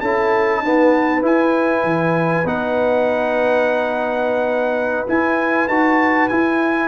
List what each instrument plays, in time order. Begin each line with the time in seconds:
0.00 tuba C#4, trombone E4, horn A4, trumpet A5
0.62 trombone B3, tuba D#4, horn B4
1.22 trombone E4, tuba E4, trumpet G#5
1.83 tuba E3
2.44 tuba B3, trombone D#4, trumpet F#5
5.07 trombone E4, tuba E4, trumpet G#5
5.68 tuba D#4, trombone F#4, trumpet A5
6.28 trombone E4, tuba E4, trumpet G#5